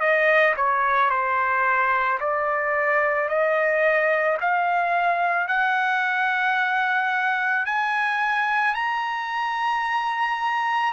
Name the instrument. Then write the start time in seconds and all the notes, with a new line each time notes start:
trumpet
0.00 D#5
0.57 C#5
1.10 C5
2.20 D5
3.29 D#5
4.41 F5
5.47 F#5
7.66 G#5
8.75 A#5